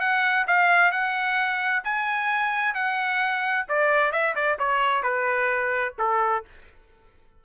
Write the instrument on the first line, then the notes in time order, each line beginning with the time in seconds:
trumpet
0.00 F#5
0.47 F5
0.91 F#5
1.84 G#5
2.74 F#5
3.68 D5
4.12 E5
4.35 D5
4.59 C#5
5.03 B4
5.99 A4